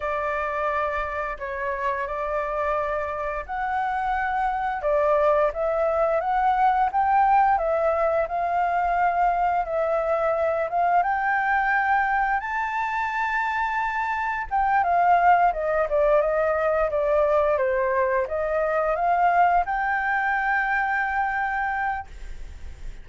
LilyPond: \new Staff \with { instrumentName = "flute" } { \time 4/4 \tempo 4 = 87 d''2 cis''4 d''4~ | d''4 fis''2 d''4 | e''4 fis''4 g''4 e''4 | f''2 e''4. f''8 |
g''2 a''2~ | a''4 g''8 f''4 dis''8 d''8 dis''8~ | dis''8 d''4 c''4 dis''4 f''8~ | f''8 g''2.~ g''8 | }